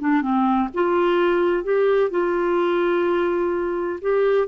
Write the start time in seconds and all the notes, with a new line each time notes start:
0.00 D4
0.22 C4
0.74 F4
1.64 G4
2.10 F4
4.01 G4